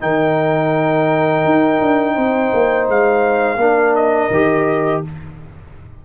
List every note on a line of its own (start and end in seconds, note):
0.00 1.45 D#3
0.00 3.57 D#4
0.00 2.14 A#4
0.00 2.87 G5
1.45 1.81 D#4
1.81 2.16 D4
2.14 2.52 C4
2.14 3.57 C5
2.53 2.88 A#3
2.88 3.57 G#3
2.88 3.95 F5
3.57 4.28 A#3
3.57 4.31 D4
3.57 5.04 A#4
3.95 5.03 D#5
4.31 5.02 D#3
4.31 5.05 G4